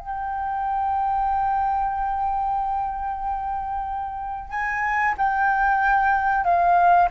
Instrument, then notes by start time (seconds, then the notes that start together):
flute
0.00 G5
4.50 G#5
5.18 G5
6.45 F5